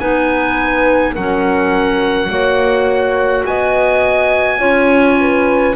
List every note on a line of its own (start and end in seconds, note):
0.00 1.16 B3
0.00 1.16 D#4
0.00 1.14 B4
0.00 1.15 G#5
1.14 2.30 F#3
1.14 2.29 C#4
1.14 2.29 A#4
1.14 3.46 F#5
2.29 3.45 A#3
2.29 4.59 F#4
2.29 3.47 C#5
3.46 4.60 B3
3.46 4.59 D#5
3.46 5.76 G#5
4.59 5.75 C#4
4.59 5.75 F4
4.59 5.16 C#5
5.20 5.76 B4